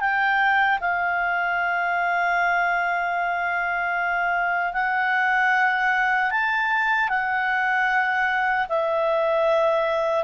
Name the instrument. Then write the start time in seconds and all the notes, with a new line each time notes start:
clarinet
0.00 G5
0.81 F5
4.73 F#5
6.31 A5
7.09 F#5
8.69 E5